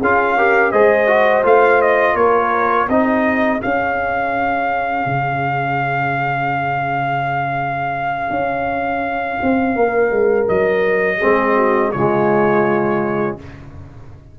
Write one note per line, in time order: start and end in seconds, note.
0.00 0.73 C#4
0.00 0.38 F4
0.00 0.36 G#4
0.00 0.72 F5
0.37 0.74 G4
0.37 0.72 A#4
0.72 1.44 G#3
0.72 1.07 G#4
0.72 2.17 C5
0.72 1.44 D#5
1.07 1.44 F#4
1.44 2.15 A3
1.44 2.88 F4
1.44 1.82 F5
1.82 2.16 D#5
2.15 2.87 A#3
2.15 2.88 A#4
2.15 2.89 C#5
2.88 3.61 C4
2.88 3.59 D#4
2.88 9.75 G#4
2.88 3.62 D#5
3.59 11.18 C#4
3.59 10.49 F5
3.65 5.06 C#4
5.06 8.30 C#3
8.30 9.39 C#4
9.43 9.76 C4
9.76 10.11 A#3
9.76 11.18 A#4
10.11 10.47 G#3
10.49 11.22 F#3
10.49 11.92 D#5
11.18 11.95 G#3
11.18 11.94 C4
11.18 11.54 G#4
11.56 11.92 F#4
11.92 13.39 C#3
11.92 13.39 G#3
11.92 13.39 F4
11.92 13.37 C#5